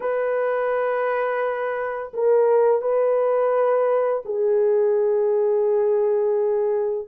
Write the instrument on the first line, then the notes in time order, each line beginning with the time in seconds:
horn
0.00 B4
2.13 A#4
2.81 B4
4.25 G#4